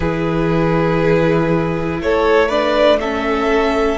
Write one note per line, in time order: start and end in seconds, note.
0.00 2.00 E3
0.00 2.50 E4
0.00 1.99 G#4
0.00 2.00 B4
2.00 3.98 A3
2.00 2.48 A4
2.00 2.49 C#5
2.48 3.00 D4
2.48 2.98 B4
2.48 2.99 D5
3.00 3.98 C#4
3.00 3.98 A4
3.00 3.98 E5